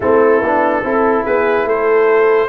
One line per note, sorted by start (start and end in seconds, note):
0.00 0.40 A3
0.00 0.43 C4
0.00 0.82 E4
0.00 1.25 A4
0.41 0.82 B3
0.41 0.84 D4
0.83 1.24 C4
0.83 2.49 E4
0.83 1.24 A4
1.24 1.65 B3
1.24 1.65 G#4
1.24 1.67 B4
1.65 2.48 A3
1.65 2.49 A4
1.65 2.49 C5